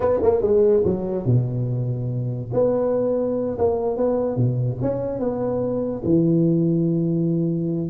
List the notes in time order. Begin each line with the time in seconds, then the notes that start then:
0.00 B3
0.22 A#3
0.41 G#3
0.84 F#3
1.25 B2
2.53 B3
3.58 A#3
3.96 B3
4.36 B2
4.81 C#4
5.19 B3
6.04 E3